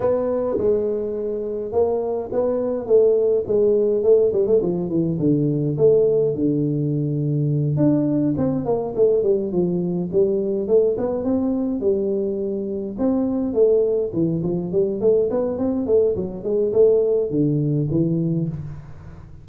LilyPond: \new Staff \with { instrumentName = "tuba" } { \time 4/4 \tempo 4 = 104 b4 gis2 ais4 | b4 a4 gis4 a8 g16 a16 | f8 e8 d4 a4 d4~ | d4. d'4 c'8 ais8 a8 |
g8 f4 g4 a8 b8 c'8~ | c'8 g2 c'4 a8~ | a8 e8 f8 g8 a8 b8 c'8 a8 | fis8 gis8 a4 d4 e4 | }